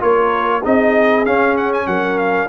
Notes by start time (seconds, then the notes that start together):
0.00 A#3 F4 A#4 C#5
0.62 C4 D#4 G#4 D#5
1.25 C#4 F5
1.57 F#5
1.73 G#5
1.86 F#3 A#4 F#5
2.18 F5